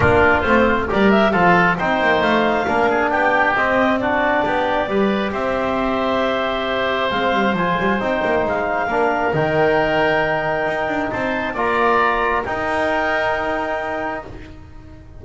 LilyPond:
<<
  \new Staff \with { instrumentName = "clarinet" } { \time 4/4 \tempo 4 = 135 ais'4 c''4 d''8 e''8 f''4 | g''4 f''2 g''4 | dis''4 d''2. | e''1 |
f''4 gis''4 g''4 f''4~ | f''4 g''2.~ | g''4 a''4 ais''2 | g''1 | }
  \new Staff \with { instrumentName = "oboe" } { \time 4/4 f'2 ais'4 a'4 | c''2 ais'8 gis'8 g'4~ | g'4 fis'4 g'4 b'4 | c''1~ |
c''1 | ais'1~ | ais'4 c''4 d''2 | ais'1 | }
  \new Staff \with { instrumentName = "trombone" } { \time 4/4 d'4 c'4 g'4 f'4 | dis'2 d'2 | c'4 d'2 g'4~ | g'1 |
c'4 f'4 dis'2 | d'4 dis'2.~ | dis'2 f'2 | dis'1 | }
  \new Staff \with { instrumentName = "double bass" } { \time 4/4 ais4 a4 g4 f4 | c'8 ais8 a4 ais4 b4 | c'2 b4 g4 | c'1 |
gis8 g8 f8 g8 c'8 ais8 gis4 | ais4 dis2. | dis'8 d'8 c'4 ais2 | dis'1 | }
>>